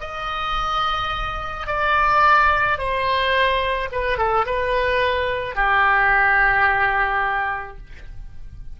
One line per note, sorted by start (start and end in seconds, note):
0.00 1.67 D#5
1.67 2.78 D5
2.78 3.89 C5
3.91 4.18 B4
4.18 4.45 A4
4.45 5.55 B4
5.55 7.77 G4